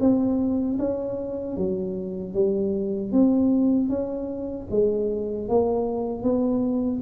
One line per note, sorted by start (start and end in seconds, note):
0.00 0.78 C4
0.79 1.57 C#4
1.57 2.34 F#3
2.34 3.12 G3
3.12 3.89 C4
3.89 4.67 C#4
4.71 5.49 G#3
5.49 6.23 A#3
6.23 7.01 B3